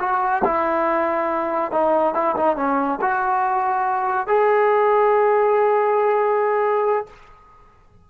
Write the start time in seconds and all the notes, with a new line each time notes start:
0.00 F#4
0.45 E4
1.72 D#4
2.14 E4
2.37 D#4
2.57 C#4
3.01 F#4
4.28 G#4